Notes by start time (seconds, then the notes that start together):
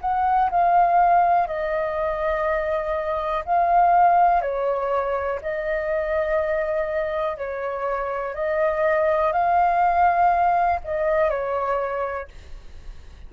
0.00 F#5
0.50 F5
1.47 D#5
3.45 F5
4.41 C#5
5.41 D#5
7.37 C#5
8.34 D#5
9.32 F5
10.84 D#5
11.29 C#5